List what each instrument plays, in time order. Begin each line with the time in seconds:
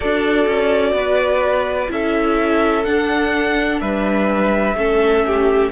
0.00 cello D4, viola F#4, violin A4 D5
0.46 cello C#4
0.92 cello B3, violin B4
1.87 cello C#4, viola E4, violin A4 E5
2.84 viola D4, cello D4, violin F#5
3.80 cello G3, violin B4 E5
4.74 cello A3, viola C#4, violin A4
5.26 violin G4